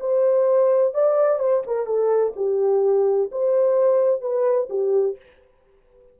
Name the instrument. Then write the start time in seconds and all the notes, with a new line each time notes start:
horn
0.00 C5
0.94 D5
1.39 C5
1.67 A#4
1.86 A4
2.36 G4
3.32 C5
4.21 B4
4.69 G4